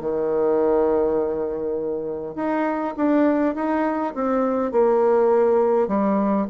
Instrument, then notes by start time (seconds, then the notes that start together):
bassoon
0.00 D#3
2.35 D#4
2.96 D4
3.55 D#4
4.14 C4
4.72 A#3
5.88 G3